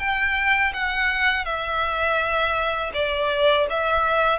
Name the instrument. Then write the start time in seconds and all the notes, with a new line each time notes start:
violin
0.00 G5
0.74 F#5
1.45 E5
2.94 D5
3.70 E5